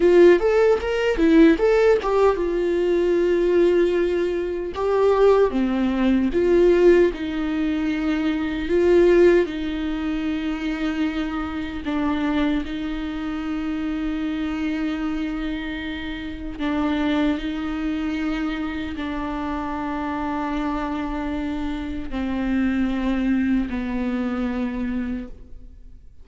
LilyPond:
\new Staff \with { instrumentName = "viola" } { \time 4/4 \tempo 4 = 76 f'8 a'8 ais'8 e'8 a'8 g'8 f'4~ | f'2 g'4 c'4 | f'4 dis'2 f'4 | dis'2. d'4 |
dis'1~ | dis'4 d'4 dis'2 | d'1 | c'2 b2 | }